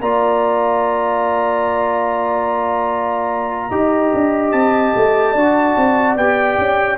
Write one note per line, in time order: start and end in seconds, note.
0.00 3.70 A#3
0.00 3.71 F4
0.00 3.69 D5
0.00 4.51 A#5
3.69 4.11 D#4
3.69 5.35 G4
3.69 5.32 D#5
4.13 4.52 D4
4.51 4.93 C4
4.51 6.16 A5
4.96 5.34 A3
5.32 5.76 D4
5.32 6.18 F#4
5.32 6.96 D5
5.77 6.16 C4
6.16 6.57 B3
6.16 6.97 G4
6.16 6.97 G5
6.58 6.97 C#4